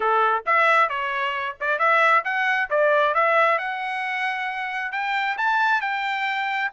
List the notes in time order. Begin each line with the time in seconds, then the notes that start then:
0.00 A4
0.45 E5
0.89 C#5
1.60 D5
1.78 E5
2.24 F#5
2.70 D5
3.14 E5
3.58 F#5
4.92 G5
5.37 A5
5.81 G5